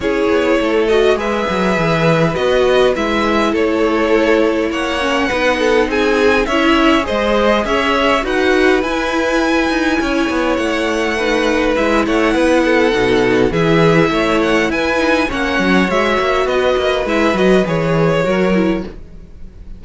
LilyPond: <<
  \new Staff \with { instrumentName = "violin" } { \time 4/4 \tempo 4 = 102 cis''4. dis''8 e''2 | dis''4 e''4 cis''2 | fis''2 gis''4 e''4 | dis''4 e''4 fis''4 gis''4~ |
gis''2 fis''2 | e''8 fis''2~ fis''8 e''4~ | e''8 fis''8 gis''4 fis''4 e''4 | dis''4 e''8 dis''8 cis''2 | }
  \new Staff \with { instrumentName = "violin" } { \time 4/4 gis'4 a'4 b'2~ | b'2 a'2 | cis''4 b'8 a'8 gis'4 cis''4 | c''4 cis''4 b'2~ |
b'4 cis''2 b'4~ | b'8 cis''8 b'8 a'4. gis'4 | cis''4 b'4 cis''2 | b'2. ais'4 | }
  \new Staff \with { instrumentName = "viola" } { \time 4/4 e'4. fis'8 gis'2 | fis'4 e'2.~ | e'8 cis'8 dis'2 e'4 | gis'2 fis'4 e'4~ |
e'2. dis'4 | e'2 dis'4 e'4~ | e'4. dis'8 cis'4 fis'4~ | fis'4 e'8 fis'8 gis'4 fis'8 e'8 | }
  \new Staff \with { instrumentName = "cello" } { \time 4/4 cis'8 b8 a4 gis8 fis8 e4 | b4 gis4 a2 | ais4 b4 c'4 cis'4 | gis4 cis'4 dis'4 e'4~ |
e'8 dis'8 cis'8 b8 a2 | gis8 a8 b4 b,4 e4 | a4 e'4 ais8 fis8 gis8 ais8 | b8 ais8 gis8 fis8 e4 fis4 | }
>>